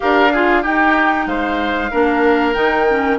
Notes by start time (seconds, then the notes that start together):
0.00 D4 G4 A#4 F5
0.33 F4 G#4
0.61 D#4 G4 G5
1.26 G#3 C5 F5
1.90 A#3 D4 A#4
2.53 D#3 D#4 G5
2.89 C#4